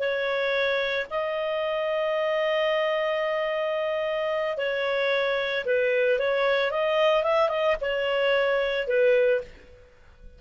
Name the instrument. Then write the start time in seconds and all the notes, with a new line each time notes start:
clarinet
0.00 C#5
1.11 D#5
4.58 C#5
5.66 B4
6.19 C#5
6.72 D#5
7.24 E5
7.50 D#5
7.82 C#5
8.88 B4